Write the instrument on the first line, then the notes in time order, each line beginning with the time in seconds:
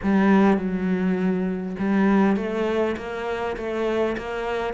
cello
0.02 G3
0.57 F#3
1.78 G3
2.36 A3
2.96 A#3
3.56 A3
4.17 A#3